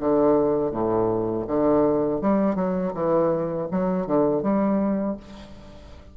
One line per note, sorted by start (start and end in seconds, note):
0.00 0.71 D3
0.71 1.45 A2
1.47 2.21 D3
2.21 2.55 G3
2.55 2.92 F#3
2.94 3.68 E3
3.71 4.06 F#3
4.06 4.42 D3
4.42 5.16 G3